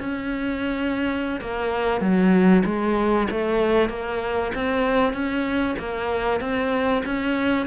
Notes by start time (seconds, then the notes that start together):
0.00 C#4
1.41 A#3
2.01 F#3
2.65 G#3
3.31 A3
3.89 A#3
4.55 C4
5.13 C#4
5.79 A#3
6.41 C4
7.05 C#4